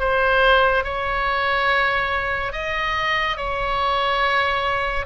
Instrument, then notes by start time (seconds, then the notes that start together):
oboe
0.00 C5
0.85 C#5
2.53 D#5
3.37 C#5